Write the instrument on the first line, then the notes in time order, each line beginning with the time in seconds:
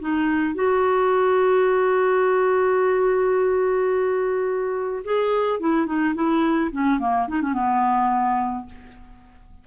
clarinet
0.00 D#4
0.55 F#4
5.04 G#4
5.60 E4
5.86 D#4
6.15 E4
6.72 C#4
6.99 A#3
7.28 D#4
7.42 C#4
7.54 B3